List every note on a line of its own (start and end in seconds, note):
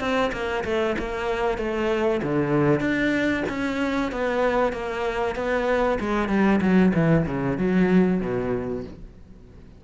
0.00 0.32 C4
0.32 0.64 A#3
0.64 0.96 A3
0.99 1.58 A#3
1.58 2.21 A3
2.22 2.80 D3
2.80 3.44 D4
3.49 4.12 C#4
4.12 4.73 B3
4.73 5.35 A#3
5.35 5.99 B3
6.00 6.29 G#3
6.29 6.60 G3
6.61 6.92 F#3
6.94 7.26 E3
7.26 7.58 C#3
7.58 8.21 F#3
8.21 8.84 B2